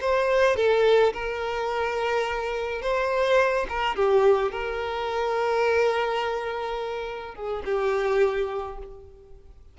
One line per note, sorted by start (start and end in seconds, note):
0.00 0.56 C5
0.56 1.12 A4
1.13 2.81 A#4
2.81 3.66 C5
3.68 3.95 A#4
3.95 4.52 G4
4.52 7.35 A#4
7.35 7.63 G#4
7.65 8.78 G4